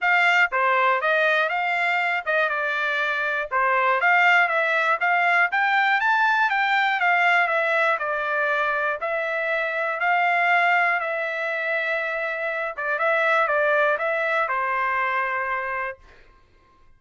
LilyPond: \new Staff \with { instrumentName = "trumpet" } { \time 4/4 \tempo 4 = 120 f''4 c''4 dis''4 f''4~ | f''8 dis''8 d''2 c''4 | f''4 e''4 f''4 g''4 | a''4 g''4 f''4 e''4 |
d''2 e''2 | f''2 e''2~ | e''4. d''8 e''4 d''4 | e''4 c''2. | }